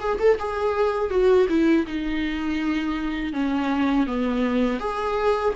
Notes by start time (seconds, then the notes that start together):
0.00 G#4
0.20 A4
0.39 G#4
1.10 F#4
1.49 E4
1.87 D#4
3.33 C#4
4.07 B3
4.80 G#4